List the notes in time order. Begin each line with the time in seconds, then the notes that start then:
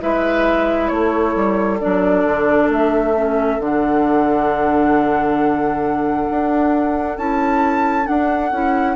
0.00 G#3 E4 B4 E5
0.88 A3 A4 C#5
1.36 G3
1.80 F#3 D4 D5
2.25 D3
2.69 A3 E5
3.15 C#4
3.60 D3 D4 F#5
6.31 D4
7.18 C#4 E4 A5
8.04 D4 F#5
8.52 C#4 E4